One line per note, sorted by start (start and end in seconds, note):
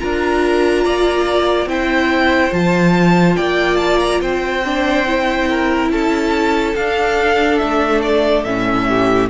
0.00 0.86 D4
0.00 1.69 F4
0.00 0.85 A#4
0.00 1.69 A#5
0.85 1.66 A#3
0.85 1.69 D5
1.66 2.51 C4
1.66 2.51 E4
1.66 3.37 C5
1.66 2.53 G5
2.51 3.37 F3
2.51 4.62 F4
2.51 3.36 A5
3.36 4.21 A#3
3.36 4.21 D5
3.36 3.77 G5
3.77 3.98 A5
4.00 4.21 A#5
4.21 5.90 C4
4.21 5.49 C5
4.21 5.91 G5
4.65 5.07 D4
5.07 6.76 E4
5.50 5.92 A#4
5.90 6.75 C#4
5.90 8.88 A4
5.90 6.76 A5
6.76 7.60 D4
6.76 8.46 D4
6.76 7.59 F5
7.59 8.46 A3
7.59 8.01 E5
8.02 8.45 D5
8.45 9.30 A2
8.45 9.30 C#4
8.45 9.29 E5
8.89 9.30 G4